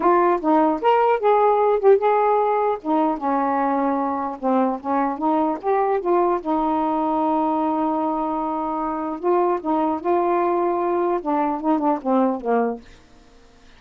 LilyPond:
\new Staff \with { instrumentName = "saxophone" } { \time 4/4 \tempo 4 = 150 f'4 dis'4 ais'4 gis'4~ | gis'8 g'8 gis'2 dis'4 | cis'2. c'4 | cis'4 dis'4 g'4 f'4 |
dis'1~ | dis'2. f'4 | dis'4 f'2. | d'4 dis'8 d'8 c'4 ais4 | }